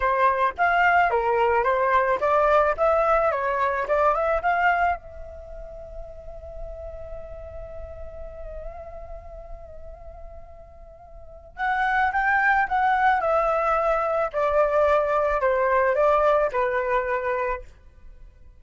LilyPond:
\new Staff \with { instrumentName = "flute" } { \time 4/4 \tempo 4 = 109 c''4 f''4 ais'4 c''4 | d''4 e''4 cis''4 d''8 e''8 | f''4 e''2.~ | e''1~ |
e''1~ | e''4 fis''4 g''4 fis''4 | e''2 d''2 | c''4 d''4 b'2 | }